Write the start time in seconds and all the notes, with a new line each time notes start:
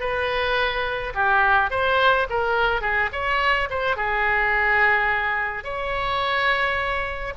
0.00 B4
1.14 G4
1.71 C5
2.29 A#4
2.81 G#4
3.12 C#5
3.70 C5
3.96 G#4
5.64 C#5